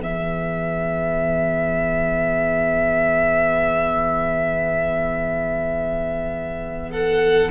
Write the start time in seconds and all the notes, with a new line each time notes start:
0.00 E3 B3 G#4 E5
6.91 A4 F#5